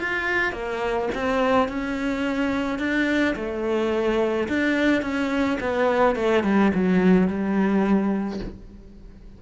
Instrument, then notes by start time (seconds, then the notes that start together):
cello
0.00 F4
0.53 A#3
1.15 C4
1.69 C#4
2.79 D4
3.36 A3
4.49 D4
5.02 C#4
5.61 B3
6.16 A3
6.44 G3
6.75 F#3
7.28 G3